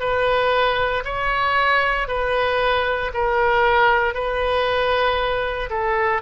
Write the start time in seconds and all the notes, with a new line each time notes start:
0.00 B4
1.04 C#5
2.07 B4
3.14 A#4
4.14 B4
5.69 A4